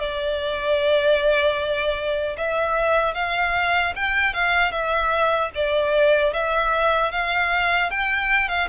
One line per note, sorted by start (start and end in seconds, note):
0.00 2.37 D5
2.38 3.15 E5
3.15 3.94 F5
3.96 4.34 G5
4.34 4.72 F5
4.72 5.51 E5
5.55 6.33 D5
6.33 7.12 E5
7.12 7.91 F5
7.91 8.49 G5
8.49 8.68 F5